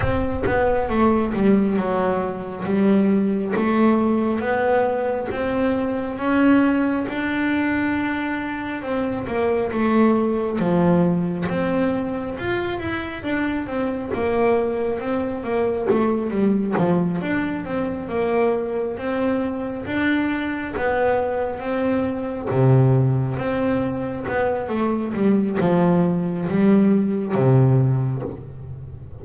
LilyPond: \new Staff \with { instrumentName = "double bass" } { \time 4/4 \tempo 4 = 68 c'8 b8 a8 g8 fis4 g4 | a4 b4 c'4 cis'4 | d'2 c'8 ais8 a4 | f4 c'4 f'8 e'8 d'8 c'8 |
ais4 c'8 ais8 a8 g8 f8 d'8 | c'8 ais4 c'4 d'4 b8~ | b8 c'4 c4 c'4 b8 | a8 g8 f4 g4 c4 | }